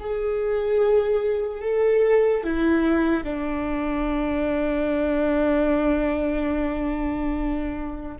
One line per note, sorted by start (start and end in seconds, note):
0.00 1.61 G#4
1.61 2.44 A4
2.44 3.24 E4
3.24 8.17 D4